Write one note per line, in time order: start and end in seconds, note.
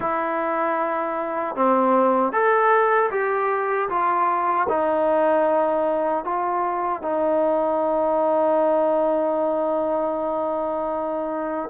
0.00 1.55 E4
1.55 2.32 C4
2.32 3.10 A4
3.10 3.88 G4
3.89 4.67 F4
4.68 6.24 D#4
6.24 7.02 F4
7.02 11.69 D#4